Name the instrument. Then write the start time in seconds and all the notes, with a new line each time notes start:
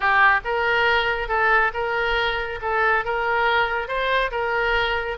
oboe
0.00 G4
0.44 A#4
1.28 A4
1.73 A#4
2.61 A4
3.05 A#4
3.87 C5
4.31 A#4